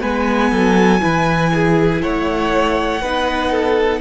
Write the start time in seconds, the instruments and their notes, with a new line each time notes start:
0.00 cello G#3, viola B3, violin B4 G#5
0.51 cello F#3, violin A4
1.01 cello E3, viola E4, violin B4
1.54 violin G#4
2.02 cello A3, violin C#5 F#5
3.02 cello B3, viola D#4, violin B4
3.51 violin A4